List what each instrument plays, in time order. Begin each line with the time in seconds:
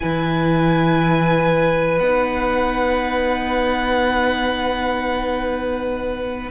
0.00 cello E3, viola E4, violin B4 G#5
1.99 cello B3, viola D#4, violin F#5